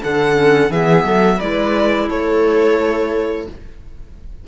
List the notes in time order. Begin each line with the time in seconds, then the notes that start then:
0.00 D3 D4 A4 F#5
0.34 C#4
0.70 E3 B3 G#4 E5
1.04 F#3 A4
1.36 G#3 E4 B4 D5
2.09 A3 A4 C#5